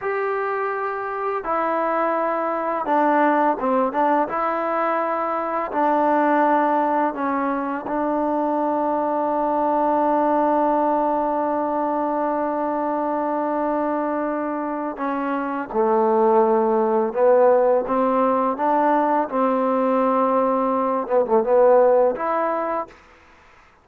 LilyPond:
\new Staff \with { instrumentName = "trombone" } { \time 4/4 \tempo 4 = 84 g'2 e'2 | d'4 c'8 d'8 e'2 | d'2 cis'4 d'4~ | d'1~ |
d'1~ | d'4 cis'4 a2 | b4 c'4 d'4 c'4~ | c'4. b16 a16 b4 e'4 | }